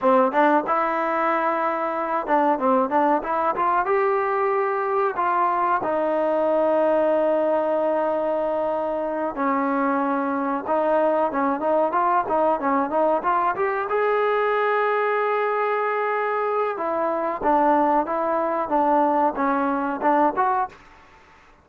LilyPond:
\new Staff \with { instrumentName = "trombone" } { \time 4/4 \tempo 4 = 93 c'8 d'8 e'2~ e'8 d'8 | c'8 d'8 e'8 f'8 g'2 | f'4 dis'2.~ | dis'2~ dis'8 cis'4.~ |
cis'8 dis'4 cis'8 dis'8 f'8 dis'8 cis'8 | dis'8 f'8 g'8 gis'2~ gis'8~ | gis'2 e'4 d'4 | e'4 d'4 cis'4 d'8 fis'8 | }